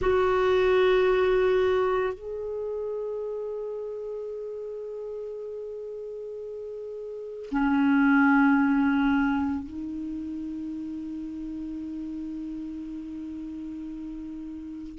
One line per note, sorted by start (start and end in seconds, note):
0.01 2.13 F#4
2.13 7.49 G#4
7.50 9.64 C#4
9.64 14.98 D#4